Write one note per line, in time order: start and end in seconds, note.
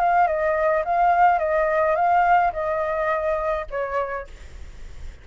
0.00 0.28 F5
0.28 0.84 D#5
0.85 1.39 F5
1.39 1.96 D#5
1.96 2.52 F5
2.53 3.66 D#5
3.71 4.27 C#5